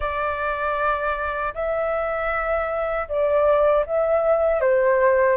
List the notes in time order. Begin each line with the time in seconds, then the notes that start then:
0.00 D5
1.54 E5
3.08 D5
3.85 E5
4.60 C5